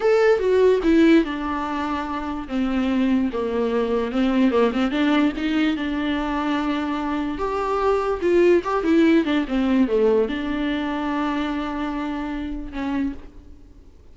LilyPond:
\new Staff \with { instrumentName = "viola" } { \time 4/4 \tempo 4 = 146 a'4 fis'4 e'4 d'4~ | d'2 c'2 | ais2 c'4 ais8 c'8 | d'4 dis'4 d'2~ |
d'2 g'2 | f'4 g'8 e'4 d'8 c'4 | a4 d'2.~ | d'2. cis'4 | }